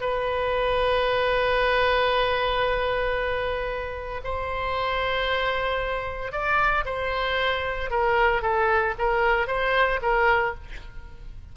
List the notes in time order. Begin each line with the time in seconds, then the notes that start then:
0.00 B4
4.24 C5
6.32 D5
6.85 C5
7.90 A#4
8.42 A4
8.98 A#4
9.47 C5
10.02 A#4